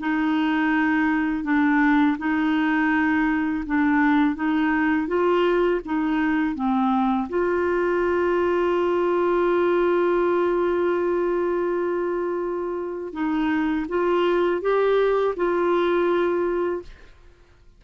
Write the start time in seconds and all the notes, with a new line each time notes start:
0.00 D#4
1.44 D4
2.18 D#4
3.66 D4
4.35 D#4
5.07 F4
5.85 D#4
6.55 C4
7.29 F4
13.13 D#4
13.89 F4
14.61 G4
15.36 F4